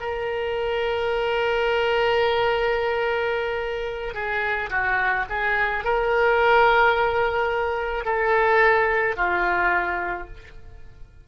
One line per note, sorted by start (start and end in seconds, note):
0.00 4.14 A#4
4.14 4.70 G#4
4.70 5.25 F#4
5.29 5.84 G#4
5.84 8.05 A#4
8.05 9.16 A4
9.16 10.27 F4